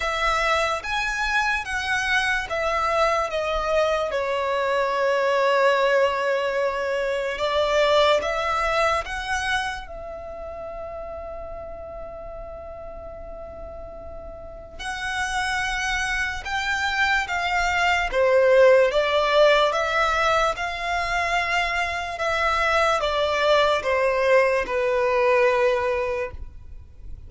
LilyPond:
\new Staff \with { instrumentName = "violin" } { \time 4/4 \tempo 4 = 73 e''4 gis''4 fis''4 e''4 | dis''4 cis''2.~ | cis''4 d''4 e''4 fis''4 | e''1~ |
e''2 fis''2 | g''4 f''4 c''4 d''4 | e''4 f''2 e''4 | d''4 c''4 b'2 | }